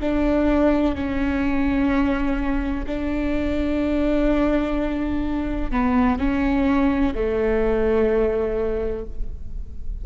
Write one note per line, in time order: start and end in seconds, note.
0.00 0.95 D4
0.95 2.85 C#4
2.87 5.71 D4
5.71 6.19 B3
6.19 7.14 C#4
7.14 9.05 A3